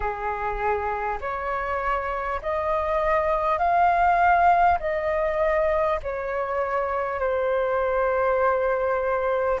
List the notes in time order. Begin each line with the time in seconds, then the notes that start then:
0.00 G#4
1.20 C#5
2.42 D#5
3.58 F5
4.79 D#5
6.02 C#5
7.19 C5